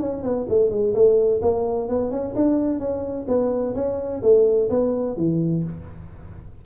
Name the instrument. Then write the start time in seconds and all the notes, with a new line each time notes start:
tuba
0.00 C#4
0.23 B3
0.49 A3
0.71 G#3
0.95 A3
1.42 A#3
1.89 B3
2.11 C#4
2.36 D4
2.80 C#4
3.28 B3
3.75 C#4
4.23 A3
4.70 B3
5.17 E3